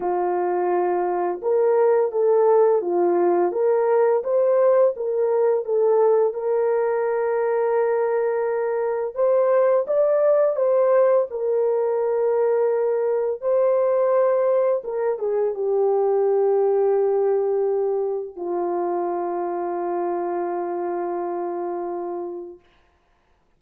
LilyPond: \new Staff \with { instrumentName = "horn" } { \time 4/4 \tempo 4 = 85 f'2 ais'4 a'4 | f'4 ais'4 c''4 ais'4 | a'4 ais'2.~ | ais'4 c''4 d''4 c''4 |
ais'2. c''4~ | c''4 ais'8 gis'8 g'2~ | g'2 f'2~ | f'1 | }